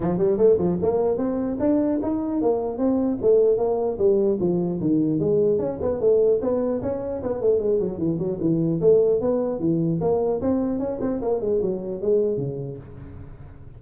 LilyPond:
\new Staff \with { instrumentName = "tuba" } { \time 4/4 \tempo 4 = 150 f8 g8 a8 f8 ais4 c'4 | d'4 dis'4 ais4 c'4 | a4 ais4 g4 f4 | dis4 gis4 cis'8 b8 a4 |
b4 cis'4 b8 a8 gis8 fis8 | e8 fis8 e4 a4 b4 | e4 ais4 c'4 cis'8 c'8 | ais8 gis8 fis4 gis4 cis4 | }